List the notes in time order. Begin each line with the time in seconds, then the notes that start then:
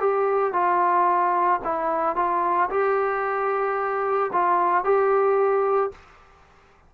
0.00 G4
0.53 F4
1.64 E4
2.16 F4
2.70 G4
4.33 F4
4.84 G4